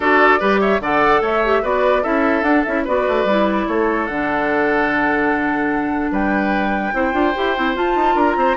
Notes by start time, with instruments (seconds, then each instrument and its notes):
0.00 bassoon D4, clarinet F#4, oboe A4, flute D5
0.39 bassoon G3, clarinet G4, oboe B4
0.60 oboe C#5, flute E5
0.80 bassoon D3, clarinet A4, oboe D5, flute F#5
1.20 bassoon A3, oboe C#5, flute E5
1.44 clarinet G4
1.62 bassoon B3, clarinet F#4, oboe B4, flute D5
2.02 bassoon C#4, clarinet E4, oboe A4, flute E5
2.42 bassoon D4, clarinet D4, flute F#5
2.63 bassoon C#4, clarinet E4, flute E5
2.84 bassoon B3, clarinet F#4, oboe B4, flute D5
3.07 bassoon A3
3.24 bassoon G3, clarinet E4
3.67 bassoon A3, oboe A4, flute C#5
4.06 bassoon D3, clarinet D4, flute F#5
6.11 bassoon G3, oboe B4, flute G5
6.93 bassoon C4, clarinet E4, oboe C5
7.12 bassoon D4, clarinet F4
7.35 bassoon E4, clarinet G4
7.55 bassoon C4, clarinet E4
7.75 clarinet F4, bassoon F4, flute A5
7.95 bassoon D#4
8.14 bassoon D4, oboe A#4, flute A#5
8.35 bassoon C4, oboe C5